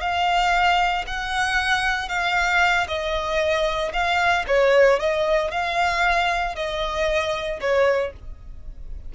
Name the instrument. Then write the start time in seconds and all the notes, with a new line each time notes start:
violin
0.00 F5
1.06 F#5
2.08 F5
2.87 D#5
3.92 F5
4.47 C#5
4.99 D#5
5.50 F5
6.55 D#5
7.60 C#5